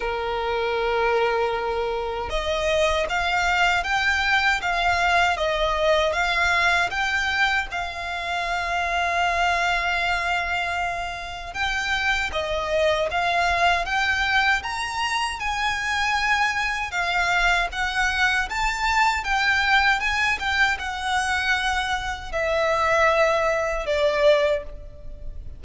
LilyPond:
\new Staff \with { instrumentName = "violin" } { \time 4/4 \tempo 4 = 78 ais'2. dis''4 | f''4 g''4 f''4 dis''4 | f''4 g''4 f''2~ | f''2. g''4 |
dis''4 f''4 g''4 ais''4 | gis''2 f''4 fis''4 | a''4 g''4 gis''8 g''8 fis''4~ | fis''4 e''2 d''4 | }